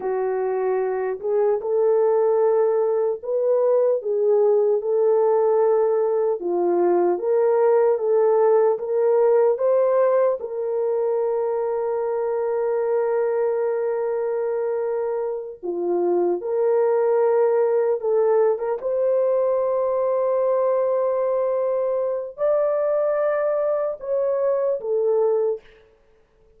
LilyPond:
\new Staff \with { instrumentName = "horn" } { \time 4/4 \tempo 4 = 75 fis'4. gis'8 a'2 | b'4 gis'4 a'2 | f'4 ais'4 a'4 ais'4 | c''4 ais'2.~ |
ais'2.~ ais'8 f'8~ | f'8 ais'2 a'8. ais'16 c''8~ | c''1 | d''2 cis''4 a'4 | }